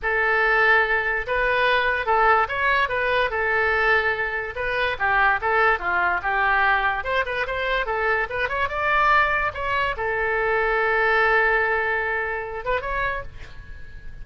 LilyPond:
\new Staff \with { instrumentName = "oboe" } { \time 4/4 \tempo 4 = 145 a'2. b'4~ | b'4 a'4 cis''4 b'4 | a'2. b'4 | g'4 a'4 f'4 g'4~ |
g'4 c''8 b'8 c''4 a'4 | b'8 cis''8 d''2 cis''4 | a'1~ | a'2~ a'8 b'8 cis''4 | }